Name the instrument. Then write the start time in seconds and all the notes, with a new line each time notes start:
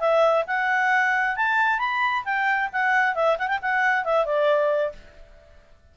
clarinet
0.00 E5
0.47 F#5
1.37 A5
1.79 B5
2.25 G5
2.73 F#5
3.15 E5
3.39 F#5
3.48 G5
3.62 F#5
4.05 E5
4.26 D5